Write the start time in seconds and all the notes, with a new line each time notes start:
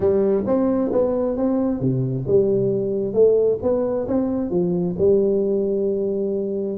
0.00 G3
0.46 C4
0.92 B3
1.36 C4
1.79 C3
2.27 G3
3.13 A3
3.62 B3
4.07 C4
4.50 F3
4.98 G3